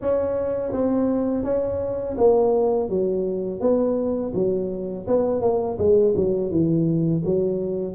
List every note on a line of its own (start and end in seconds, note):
0.01 0.72 C#4
0.72 1.44 C4
1.44 2.16 C#4
2.17 2.89 A#3
2.89 3.60 F#3
3.60 4.32 B3
4.34 5.06 F#3
5.07 5.41 B3
5.41 5.77 A#3
5.78 6.14 G#3
6.16 6.51 F#3
6.51 7.23 E3
7.25 7.95 F#3